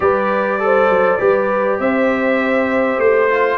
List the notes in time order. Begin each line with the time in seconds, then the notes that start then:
0.00 G3 G4 B4 D5
0.59 A4 C5
0.89 F#3
1.18 G3 G4 B4
1.79 C4 C5 E5
2.98 A3 C5
3.30 F4